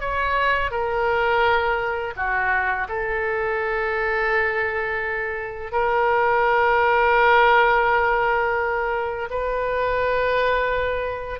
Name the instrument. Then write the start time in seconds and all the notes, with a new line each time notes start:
oboe
0.00 C#5
0.71 A#4
2.16 F#4
2.89 A4
5.71 A#4
9.30 B4